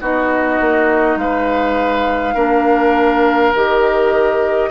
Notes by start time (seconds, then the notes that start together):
0.00 B3 D#4 F#4 D#5
0.60 A#3
1.16 G#3 B4 F5
2.34 A#3 D4 A#4
3.53 D#3 G4 D#5